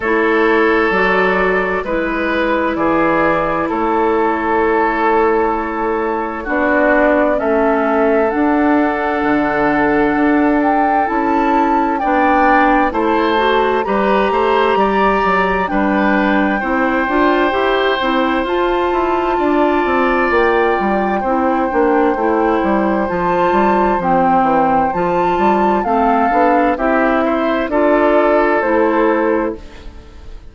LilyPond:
<<
  \new Staff \with { instrumentName = "flute" } { \time 4/4 \tempo 4 = 65 cis''4 d''4 b'4 d''4 | cis''2. d''4 | e''4 fis''2~ fis''8 g''8 | a''4 g''4 a''4 ais''4~ |
ais''4 g''2. | a''2 g''2~ | g''4 a''4 g''4 a''4 | f''4 e''4 d''4 c''4 | }
  \new Staff \with { instrumentName = "oboe" } { \time 4/4 a'2 b'4 gis'4 | a'2. fis'4 | a'1~ | a'4 d''4 c''4 b'8 c''8 |
d''4 b'4 c''2~ | c''4 d''2 c''4~ | c''1 | a'4 g'8 c''8 a'2 | }
  \new Staff \with { instrumentName = "clarinet" } { \time 4/4 e'4 fis'4 e'2~ | e'2. d'4 | cis'4 d'2. | e'4 d'4 e'8 fis'8 g'4~ |
g'4 d'4 e'8 f'8 g'8 e'8 | f'2. e'8 d'8 | e'4 f'4 c'4 f'4 | c'8 d'8 e'4 f'4 e'4 | }
  \new Staff \with { instrumentName = "bassoon" } { \time 4/4 a4 fis4 gis4 e4 | a2. b4 | a4 d'4 d4 d'4 | cis'4 b4 a4 g8 a8 |
g8 fis8 g4 c'8 d'8 e'8 c'8 | f'8 e'8 d'8 c'8 ais8 g8 c'8 ais8 | a8 g8 f8 g8 f8 e8 f8 g8 | a8 b8 c'4 d'4 a4 | }
>>